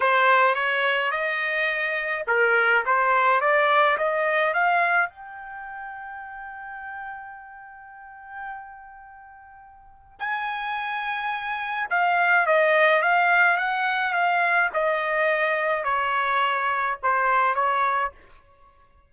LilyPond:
\new Staff \with { instrumentName = "trumpet" } { \time 4/4 \tempo 4 = 106 c''4 cis''4 dis''2 | ais'4 c''4 d''4 dis''4 | f''4 g''2.~ | g''1~ |
g''2 gis''2~ | gis''4 f''4 dis''4 f''4 | fis''4 f''4 dis''2 | cis''2 c''4 cis''4 | }